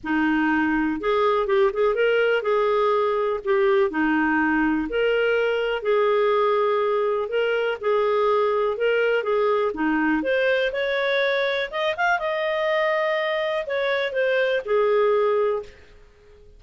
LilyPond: \new Staff \with { instrumentName = "clarinet" } { \time 4/4 \tempo 4 = 123 dis'2 gis'4 g'8 gis'8 | ais'4 gis'2 g'4 | dis'2 ais'2 | gis'2. ais'4 |
gis'2 ais'4 gis'4 | dis'4 c''4 cis''2 | dis''8 f''8 dis''2. | cis''4 c''4 gis'2 | }